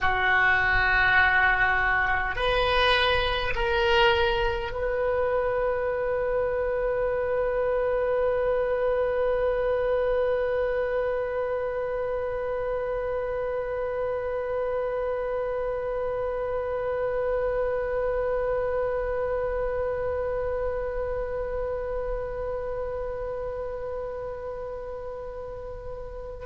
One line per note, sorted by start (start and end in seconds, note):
0.01 2.35 F#4
2.35 3.53 B4
3.55 4.71 A#4
4.71 26.45 B4